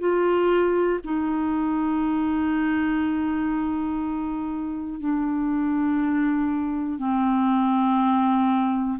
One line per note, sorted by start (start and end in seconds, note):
0.00 1.00 F4
1.05 5.01 D#4
5.01 7.00 D4
7.00 9.00 C4